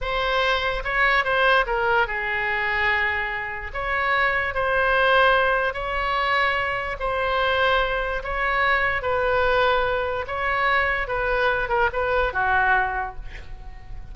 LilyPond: \new Staff \with { instrumentName = "oboe" } { \time 4/4 \tempo 4 = 146 c''2 cis''4 c''4 | ais'4 gis'2.~ | gis'4 cis''2 c''4~ | c''2 cis''2~ |
cis''4 c''2. | cis''2 b'2~ | b'4 cis''2 b'4~ | b'8 ais'8 b'4 fis'2 | }